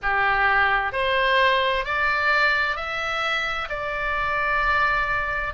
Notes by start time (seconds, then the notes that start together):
0.02 G4
0.92 C5
1.85 D5
2.76 E5
3.69 D5